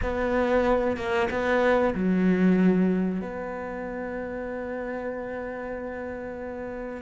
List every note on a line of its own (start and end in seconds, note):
0.02 0.97 B3
0.97 1.29 A#3
1.30 1.94 B3
1.94 3.21 F#3
3.21 7.02 B3